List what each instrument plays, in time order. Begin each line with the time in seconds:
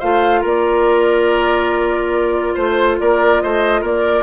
0.00 bassoon A3, clarinet F4, oboe C5, flute F5
0.41 bassoon A#3, oboe A#4, flute D5
2.55 bassoon A3, oboe C5, flute C5
3.00 bassoon A#3, oboe A#4, flute D5
3.41 bassoon A3, oboe C5, flute D#5
3.82 bassoon A#3, oboe A#4, flute D5